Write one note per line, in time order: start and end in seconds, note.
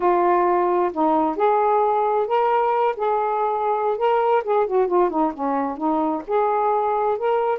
0.00 0.91 F4
0.92 1.36 D#4
1.36 2.27 G#4
2.27 2.95 A#4
2.96 3.97 G#4
3.97 4.43 A#4
4.44 4.67 G#4
4.67 4.87 F#4
4.87 5.10 F4
5.10 5.32 D#4
5.33 5.77 C#4
5.77 6.22 D#4
6.27 7.17 G#4
7.17 7.58 A#4